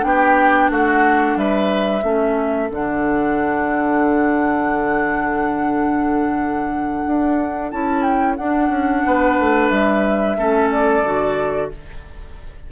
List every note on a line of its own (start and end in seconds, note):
0.00 0.70 B3
0.00 2.00 D4
0.00 0.70 G5
0.06 0.71 G4
0.70 1.36 A3
0.70 1.37 F#4
0.70 1.37 F#5
1.36 2.02 G3
1.36 2.03 B4
1.36 2.70 E5
2.03 2.69 A3
2.03 2.69 C#4
2.03 9.03 A4
2.69 7.04 D3
2.69 7.69 D4
2.69 7.71 F#5
7.06 7.72 D4
7.71 8.38 C#4
7.71 8.38 E4
7.71 8.02 A5
8.02 8.35 G5
8.36 8.69 D4
8.36 10.37 D4
8.36 9.69 F#5
8.69 9.02 C#4
9.05 9.38 B3
9.05 10.37 B4
9.39 9.70 A3
9.69 10.37 G3
9.69 10.69 E5
10.37 11.03 A3
10.37 11.04 C#4
10.37 11.71 A4
10.71 11.71 D5
11.03 11.70 D3
11.03 11.71 F#4